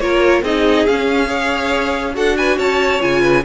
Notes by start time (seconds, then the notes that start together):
0.00 A#3 F4 A#4 C#5
0.43 C4 D#4 G#4 D#5
0.87 C#4 F5
1.27 G#4 C#5
2.14 D4 F#4 A4 F#5
2.38 B4 G#5
2.57 C#4 C#5 A5
3.00 C#3 F4 G#5
3.22 B4